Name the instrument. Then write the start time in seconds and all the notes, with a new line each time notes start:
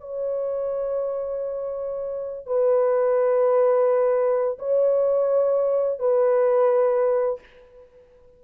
horn
0.00 C#5
2.46 B4
4.59 C#5
5.99 B4